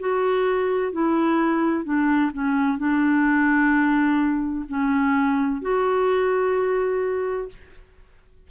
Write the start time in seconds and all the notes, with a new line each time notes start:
0.00 F#4
0.93 E4
1.85 D4
2.33 C#4
2.78 D4
4.69 C#4
5.62 F#4